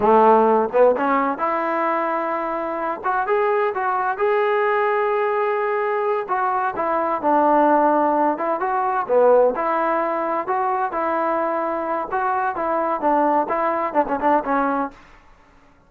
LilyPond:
\new Staff \with { instrumentName = "trombone" } { \time 4/4 \tempo 4 = 129 a4. b8 cis'4 e'4~ | e'2~ e'8 fis'8 gis'4 | fis'4 gis'2.~ | gis'4. fis'4 e'4 d'8~ |
d'2 e'8 fis'4 b8~ | b8 e'2 fis'4 e'8~ | e'2 fis'4 e'4 | d'4 e'4 d'16 cis'16 d'8 cis'4 | }